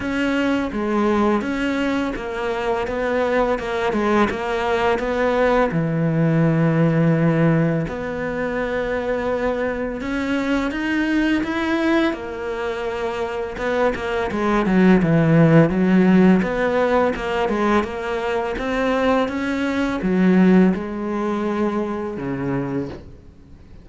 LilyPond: \new Staff \with { instrumentName = "cello" } { \time 4/4 \tempo 4 = 84 cis'4 gis4 cis'4 ais4 | b4 ais8 gis8 ais4 b4 | e2. b4~ | b2 cis'4 dis'4 |
e'4 ais2 b8 ais8 | gis8 fis8 e4 fis4 b4 | ais8 gis8 ais4 c'4 cis'4 | fis4 gis2 cis4 | }